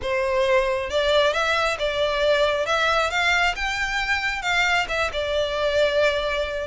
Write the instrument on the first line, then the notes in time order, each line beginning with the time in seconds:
violin
0.01 C5
0.90 D5
1.33 E5
1.79 D5
2.65 E5
3.10 F5
3.55 G5
4.41 F5
4.88 E5
5.13 D5